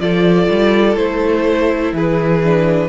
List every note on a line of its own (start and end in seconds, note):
0.00 0.48 F3
0.00 0.96 F4
0.00 1.94 A4
0.00 0.96 D5
0.50 0.96 G3
0.96 1.92 A3
0.96 2.42 E4
0.96 1.93 C5
1.92 2.88 E3
1.92 2.88 G#4
1.92 2.88 B4
2.44 2.88 D4